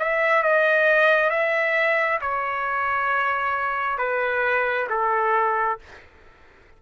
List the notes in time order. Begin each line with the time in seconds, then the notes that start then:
0.00 E5
0.43 D#5
1.30 E5
2.22 C#5
3.99 B4
4.90 A4